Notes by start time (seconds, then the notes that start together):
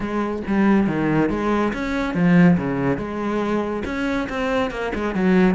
0.00 G#3
0.47 G3
0.87 D#3
1.29 G#3
1.73 C#4
2.14 F3
2.57 C#3
2.97 G#3
3.85 C#4
4.29 C4
4.70 A#3
4.94 G#3
5.14 F#3